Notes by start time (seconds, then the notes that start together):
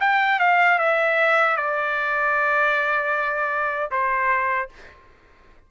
0.00 G5
0.39 F5
0.78 E5
1.57 D5
3.91 C5